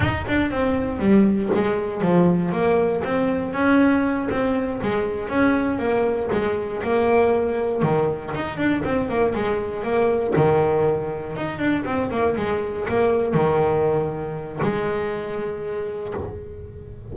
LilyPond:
\new Staff \with { instrumentName = "double bass" } { \time 4/4 \tempo 4 = 119 dis'8 d'8 c'4 g4 gis4 | f4 ais4 c'4 cis'4~ | cis'8 c'4 gis4 cis'4 ais8~ | ais8 gis4 ais2 dis8~ |
dis8 dis'8 d'8 c'8 ais8 gis4 ais8~ | ais8 dis2 dis'8 d'8 c'8 | ais8 gis4 ais4 dis4.~ | dis4 gis2. | }